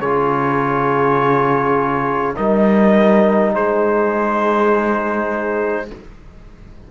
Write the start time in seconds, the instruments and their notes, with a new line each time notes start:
0.00 cello C#3, trombone F4, horn G#4, trumpet C#5
2.36 cello G3, trombone D#4, horn A#4, trumpet D#5
3.55 cello G#3, horn G#4, trumpet C5